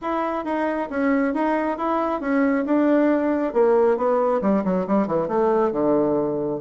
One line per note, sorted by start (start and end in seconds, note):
0.01 0.44 E4
0.44 0.88 D#4
0.90 1.34 C#4
1.34 1.77 D#4
1.77 2.20 E4
2.20 2.65 C#4
2.65 3.53 D4
3.53 3.97 A#3
3.97 4.41 B3
4.41 4.63 G3
4.64 4.86 F#3
4.87 5.07 G3
5.07 5.28 E3
5.28 5.72 A3
5.72 6.60 D3